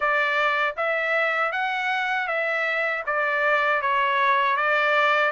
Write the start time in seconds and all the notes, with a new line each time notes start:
0.00 D5
0.77 E5
1.52 F#5
2.28 E5
3.06 D5
3.81 C#5
4.56 D5